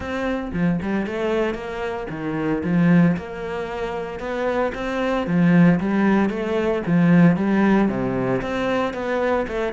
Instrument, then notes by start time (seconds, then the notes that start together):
cello
0.00 C4
0.53 F3
0.82 G3
1.06 A3
1.54 A#3
2.10 D#3
2.63 F3
3.16 A#3
4.19 B3
4.74 C4
5.27 F3
5.79 G3
6.29 A3
6.86 F3
7.36 G3
7.88 C3
8.41 C4
8.93 B3
9.47 A3